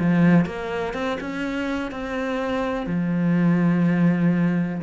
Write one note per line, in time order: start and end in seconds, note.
0.00 0.46 F3
0.46 0.94 A#3
0.94 1.18 C4
1.21 1.92 C#4
1.92 2.87 C4
2.87 4.82 F3